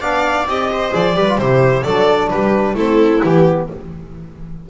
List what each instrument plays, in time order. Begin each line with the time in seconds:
0.00 double bass B3, trombone D4, viola D5, violin F5
0.46 double bass C4, trombone G4, violin D#5
0.72 viola C5
0.92 double bass F3, trombone G#4, violin D5
1.14 double bass G3, trombone G4, viola B4
1.28 trombone F4
1.38 double bass C3, trombone E4, viola G4, violin C5
1.83 double bass F#3, trombone D4, viola A4, violin D5
2.29 double bass G3, viola G4, violin B4
2.74 double bass A3, trombone C4, viola E4, violin A4
3.23 double bass E3, trombone B3, violin G4